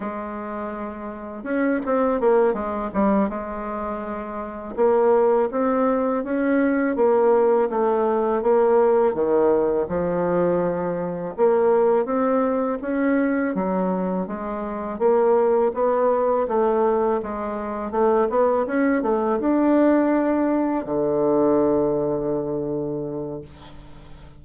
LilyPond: \new Staff \with { instrumentName = "bassoon" } { \time 4/4 \tempo 4 = 82 gis2 cis'8 c'8 ais8 gis8 | g8 gis2 ais4 c'8~ | c'8 cis'4 ais4 a4 ais8~ | ais8 dis4 f2 ais8~ |
ais8 c'4 cis'4 fis4 gis8~ | gis8 ais4 b4 a4 gis8~ | gis8 a8 b8 cis'8 a8 d'4.~ | d'8 d2.~ d8 | }